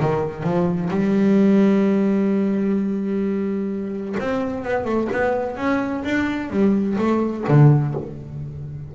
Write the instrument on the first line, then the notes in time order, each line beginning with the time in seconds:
double bass
0.00 D#3
0.43 F3
0.90 G3
4.19 C4
4.64 B3
4.85 A3
5.12 B3
5.56 C#4
6.04 D4
6.50 G3
6.97 A3
7.48 D3